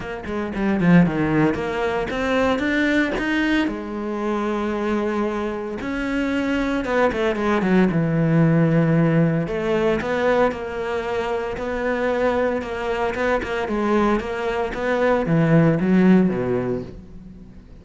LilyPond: \new Staff \with { instrumentName = "cello" } { \time 4/4 \tempo 4 = 114 ais8 gis8 g8 f8 dis4 ais4 | c'4 d'4 dis'4 gis4~ | gis2. cis'4~ | cis'4 b8 a8 gis8 fis8 e4~ |
e2 a4 b4 | ais2 b2 | ais4 b8 ais8 gis4 ais4 | b4 e4 fis4 b,4 | }